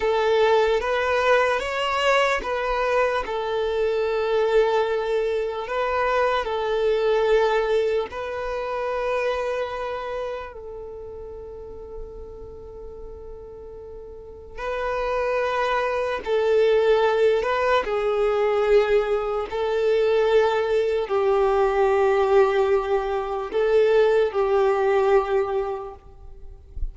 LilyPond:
\new Staff \with { instrumentName = "violin" } { \time 4/4 \tempo 4 = 74 a'4 b'4 cis''4 b'4 | a'2. b'4 | a'2 b'2~ | b'4 a'2.~ |
a'2 b'2 | a'4. b'8 gis'2 | a'2 g'2~ | g'4 a'4 g'2 | }